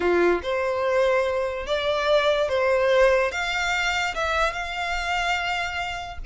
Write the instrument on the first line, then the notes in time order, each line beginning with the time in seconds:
violin
0.00 F4
0.43 C5
1.66 D5
2.48 C5
3.31 F5
4.14 E5
4.52 F5